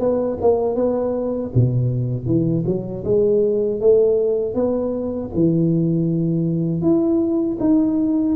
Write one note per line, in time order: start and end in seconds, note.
0.00 0.38 B3
0.42 0.75 A#3
0.75 1.51 B3
1.55 2.26 B2
2.26 2.64 E3
2.66 3.04 F#3
3.05 3.81 G#3
3.81 4.55 A3
4.55 5.31 B3
5.35 6.82 E3
6.82 7.58 E4
7.60 8.36 D#4